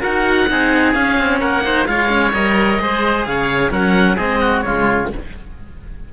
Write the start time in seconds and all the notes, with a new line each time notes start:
0.00 D#4 F#4 A#4 F#5
0.48 C4 D#4 G#4
0.93 C#4 F5
1.18 C4
1.40 A#3 A#4 F#5
1.64 D#4 C5
1.86 G#3 F4 C#5 F5
2.09 C#4
2.33 G3 A#4 D#5
2.79 G#3 G#4 C5
3.25 C#3 C#5 F5
3.70 F#3 C#4 A#4 F#5
4.15 G#3 C4 G#4 D#5
4.41 F#4
4.61 C#3 G#3 F4 C#5